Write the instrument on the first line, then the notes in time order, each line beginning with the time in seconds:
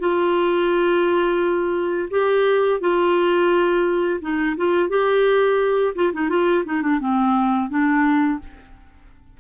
clarinet
0.00 F4
2.11 G4
2.81 F4
4.22 D#4
4.58 F4
4.90 G4
5.96 F4
6.14 D#4
6.29 F4
6.66 D#4
6.82 D4
7.01 C4
7.70 D4